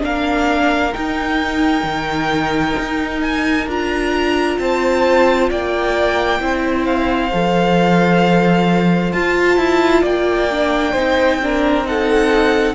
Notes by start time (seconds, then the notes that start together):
0.00 A#3 D4 A#4 F5
0.93 D#4 G5
1.83 D#3
2.79 D#4
3.21 G#5
3.67 D4 F4 A#5
4.58 C4 C5 A5
5.50 A#3 D5 G5
6.40 C4 E4 C5
6.85 F5
7.32 F3 A4
9.12 F4 A5
9.57 E4
10.01 A#3 D5 G5
10.51 D4
10.91 C4 D#4 C5
11.42 D4 A#4
11.84 D#4 A4 F#5